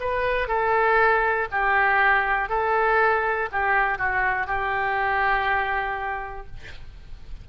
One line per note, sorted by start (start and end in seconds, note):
0.00 0.48 B4
0.48 1.48 A4
1.51 2.50 G4
2.50 3.50 A4
3.52 3.98 G4
3.98 4.47 F#4
4.47 6.47 G4